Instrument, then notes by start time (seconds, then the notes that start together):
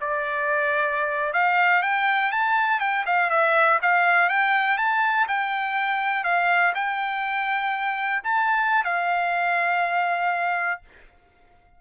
trumpet
0.00 D5
1.33 F5
1.82 G5
2.31 A5
2.80 G5
3.06 F5
3.30 E5
3.82 F5
4.29 G5
4.77 A5
5.27 G5
6.24 F5
6.74 G5
8.23 A5
8.84 F5